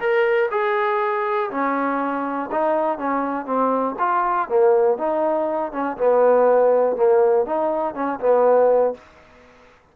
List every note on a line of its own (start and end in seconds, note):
0.00 0.50 A#4
0.52 1.51 G#4
1.51 2.50 C#4
2.52 2.99 D#4
2.99 3.46 C#4
3.46 3.96 C4
3.99 4.49 F4
4.49 4.98 A#3
4.98 5.72 D#4
5.72 5.97 C#4
5.98 6.96 B3
6.96 7.46 A#3
7.46 7.95 D#4
7.95 8.20 C#4
8.20 8.95 B3